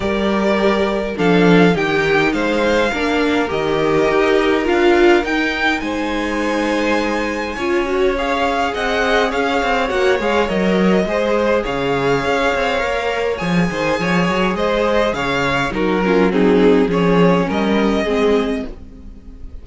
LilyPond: <<
  \new Staff \with { instrumentName = "violin" } { \time 4/4 \tempo 4 = 103 d''2 f''4 g''4 | f''2 dis''2 | f''4 g''4 gis''2~ | gis''2 f''4 fis''4 |
f''4 fis''8 f''8 dis''2 | f''2. gis''4~ | gis''4 dis''4 f''4 ais'4 | gis'4 cis''4 dis''2 | }
  \new Staff \with { instrumentName = "violin" } { \time 4/4 ais'2 a'4 g'4 | c''4 ais'2.~ | ais'2 c''2~ | c''4 cis''2 dis''4 |
cis''2. c''4 | cis''2.~ cis''8 c''8 | cis''4 c''4 cis''4 fis'8 f'8 | dis'4 gis'4 ais'4 gis'4 | }
  \new Staff \with { instrumentName = "viola" } { \time 4/4 g'2 d'4 dis'4~ | dis'4 d'4 g'2 | f'4 dis'2.~ | dis'4 f'8 fis'8 gis'2~ |
gis'4 fis'8 gis'8 ais'4 gis'4~ | gis'2 ais'4 gis'4~ | gis'2. dis'8 cis'8 | c'4 cis'2 c'4 | }
  \new Staff \with { instrumentName = "cello" } { \time 4/4 g2 f4 dis4 | gis4 ais4 dis4 dis'4 | d'4 dis'4 gis2~ | gis4 cis'2 c'4 |
cis'8 c'8 ais8 gis8 fis4 gis4 | cis4 cis'8 c'8 ais4 f8 dis8 | f8 fis8 gis4 cis4 fis4~ | fis4 f4 g4 gis4 | }
>>